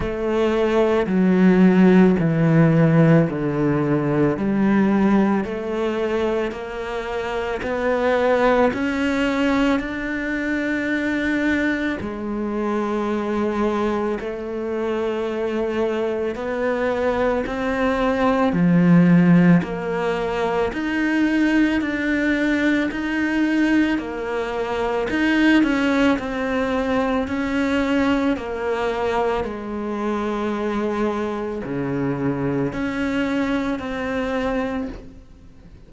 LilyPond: \new Staff \with { instrumentName = "cello" } { \time 4/4 \tempo 4 = 55 a4 fis4 e4 d4 | g4 a4 ais4 b4 | cis'4 d'2 gis4~ | gis4 a2 b4 |
c'4 f4 ais4 dis'4 | d'4 dis'4 ais4 dis'8 cis'8 | c'4 cis'4 ais4 gis4~ | gis4 cis4 cis'4 c'4 | }